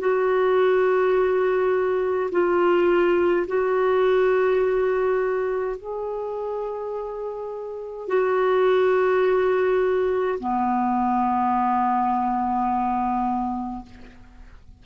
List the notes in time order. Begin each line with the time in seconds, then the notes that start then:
0.00 F#4
2.32 F4
3.48 F#4
5.77 G#4
8.08 F#4
10.40 B3